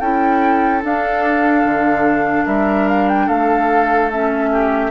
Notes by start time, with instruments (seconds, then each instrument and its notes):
0.00 bassoon C#4, clarinet E4, oboe A4, flute G5
0.82 clarinet D4, bassoon D4, flute F5
1.65 bassoon D3
2.46 bassoon G3, oboe A#4, flute E5
2.88 flute F5
3.08 flute G5
3.26 bassoon A3, oboe A4, flute F5
4.11 clarinet C#4, flute E5
4.52 oboe G4